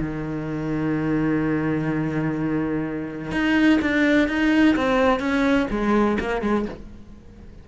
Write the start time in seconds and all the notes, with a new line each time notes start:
0.00 D#3
3.31 D#4
3.82 D4
4.28 D#4
4.76 C4
5.19 C#4
5.70 G#3
6.20 A#3
6.41 G#3